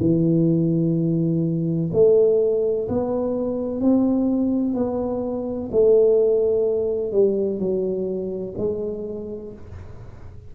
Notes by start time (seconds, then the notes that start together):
0.00 E3
1.93 A3
2.89 B3
3.81 C4
4.74 B3
5.72 A3
7.13 G3
7.60 F#3
8.58 G#3